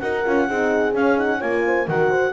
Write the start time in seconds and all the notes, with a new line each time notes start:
0.00 D#4 F#4 A#4 F#5
0.26 C#4 F4
0.48 C4 D#4 G#4
0.92 C#4 F5
1.16 D#4 F#5
1.38 A#3 F4 C#5 G#5
1.66 C5
1.88 D#3 F#4 A#4 F#5
2.10 C5